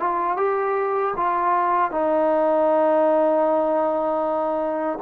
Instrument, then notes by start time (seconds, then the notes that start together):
trombone
0.00 F4
0.37 G4
1.17 F4
1.92 D#4